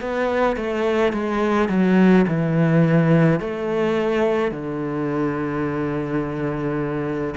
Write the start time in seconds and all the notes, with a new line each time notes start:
0.00 B3
0.56 A3
1.13 G#3
1.69 F#3
2.27 E3
3.40 A3
4.51 D3